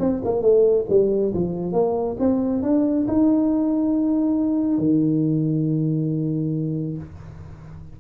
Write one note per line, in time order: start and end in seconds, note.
0.00 0.22 C4
0.24 0.42 A#3
0.42 0.86 A3
0.90 1.33 G3
1.34 1.73 F3
1.73 2.17 A#3
2.19 2.63 C4
2.63 3.07 D4
3.08 4.78 D#4
4.78 6.97 D#3